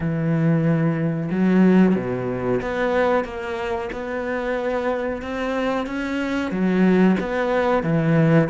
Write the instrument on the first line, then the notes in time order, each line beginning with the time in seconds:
cello
0.00 E3
1.30 F#3
1.95 B2
2.61 B3
3.24 A#3
3.92 B3
5.22 C4
5.86 C#4
6.51 F#3
7.19 B3
7.83 E3